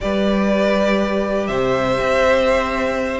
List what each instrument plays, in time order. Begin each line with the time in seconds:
0.00 cello G3, viola G4, violin B4 D5
1.47 cello C3, violin C5 E5
2.00 cello C4